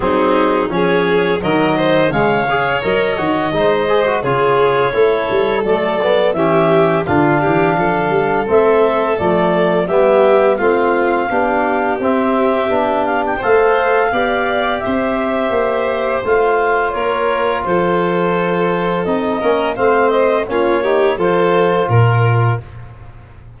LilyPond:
<<
  \new Staff \with { instrumentName = "clarinet" } { \time 4/4 \tempo 4 = 85 gis'4 cis''4 dis''4 f''4 | dis''2 cis''2 | d''4 e''4 f''2 | e''4 d''4 e''4 f''4~ |
f''4 e''4. f''16 g''16 f''4~ | f''4 e''2 f''4 | cis''4 c''2 dis''4 | f''8 dis''8 cis''4 c''4 ais'4 | }
  \new Staff \with { instrumentName = "violin" } { \time 4/4 dis'4 gis'4 ais'8 c''8 cis''4~ | cis''4 c''4 gis'4 a'4~ | a'4 g'4 f'8 g'8 a'4~ | a'2 g'4 f'4 |
g'2. c''4 | d''4 c''2. | ais'4 a'2~ a'8 ais'8 | c''4 f'8 g'8 a'4 ais'4 | }
  \new Staff \with { instrumentName = "trombone" } { \time 4/4 c'4 cis'4 fis4 gis8 gis'8 | ais'8 fis'8 dis'8 gis'16 fis'16 f'4 e'4 | a8 b8 cis'4 d'2 | c'4 a4 b4 c'4 |
d'4 c'4 d'4 a'4 | g'2. f'4~ | f'2. dis'8 cis'8 | c'4 cis'8 dis'8 f'2 | }
  \new Staff \with { instrumentName = "tuba" } { \time 4/4 fis4 f4 dis4 cis4 | fis8 dis8 gis4 cis4 a8 g8 | fis4 e4 d8 e8 f8 g8 | a4 f4 g4 a4 |
b4 c'4 b4 a4 | b4 c'4 ais4 a4 | ais4 f2 c'8 ais8 | a4 ais4 f4 ais,4 | }
>>